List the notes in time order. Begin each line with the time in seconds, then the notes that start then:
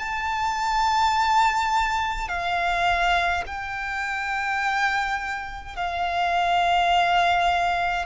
0.00 A5
2.29 F5
3.47 G5
5.76 F5